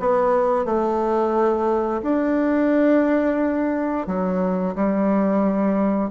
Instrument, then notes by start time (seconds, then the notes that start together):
bassoon
0.00 B3
0.66 A3
2.03 D4
4.07 F#3
4.76 G3